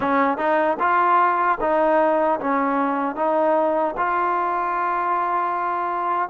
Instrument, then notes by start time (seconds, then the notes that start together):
trombone
0.00 C#4
0.37 D#4
0.79 F4
1.60 D#4
2.40 C#4
3.15 D#4
3.97 F4